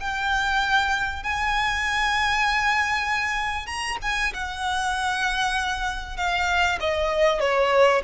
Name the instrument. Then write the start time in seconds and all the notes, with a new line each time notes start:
violin
0.00 G5
1.23 G#5
3.67 A#5
4.02 G#5
4.34 F#5
6.17 F5
6.80 D#5
7.40 C#5